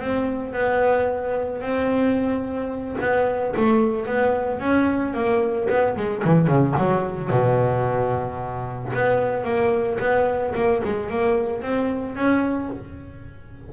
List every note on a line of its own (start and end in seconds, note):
0.00 0.53 C4
0.53 1.61 B3
1.61 2.96 C4
3.00 3.55 B3
3.57 4.06 A3
4.06 4.60 B3
4.60 5.14 C#4
5.14 5.68 A#3
5.69 5.96 B3
5.96 6.23 G#3
6.24 6.47 E3
6.47 6.74 C#3
6.78 7.30 F#3
7.30 8.92 B2
8.93 9.44 B3
9.44 9.99 A#3
10.00 10.54 B3
10.55 10.82 A#3
10.85 11.10 G#3
11.10 11.62 A#3
11.62 12.16 C4
12.16 12.70 C#4